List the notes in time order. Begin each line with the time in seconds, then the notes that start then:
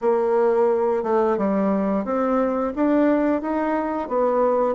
0.01 A#3
1.03 A3
1.37 G3
2.05 C4
2.75 D4
3.41 D#4
4.08 B3